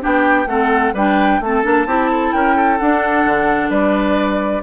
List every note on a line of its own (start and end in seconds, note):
0.00 0.46 B3
0.00 0.46 D4
0.00 0.47 G4
0.00 0.47 G5
0.46 0.92 A3
0.46 0.95 C4
0.46 0.94 A4
0.46 0.93 F#5
0.93 1.39 G3
0.93 1.42 D4
0.93 1.40 B4
0.93 1.42 G5
1.40 1.63 A3
1.40 1.63 C4
1.40 1.87 A4
1.40 2.32 A5
1.63 1.86 A#3
1.63 1.86 D4
1.86 2.32 C4
1.86 2.79 E4
1.86 2.10 G4
2.11 2.34 A4
2.32 2.79 C#4
2.32 2.55 A#4
2.32 2.78 G5
2.55 3.70 A4
2.78 3.25 D4
2.78 4.62 D4
2.78 3.70 F#5
3.25 3.70 D3
3.70 4.62 G3
3.70 4.62 B4
3.70 4.62 D5